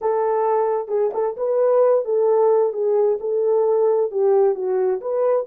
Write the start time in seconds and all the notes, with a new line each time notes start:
0.01 A4
0.88 G#4
1.13 A4
1.36 B4
2.05 A4
2.73 G#4
3.20 A4
4.11 G4
4.54 F#4
5.00 B4